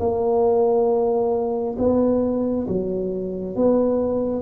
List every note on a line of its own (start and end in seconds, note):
0.00 1.76 A#3
1.78 2.67 B3
2.68 3.56 F#3
3.56 4.42 B3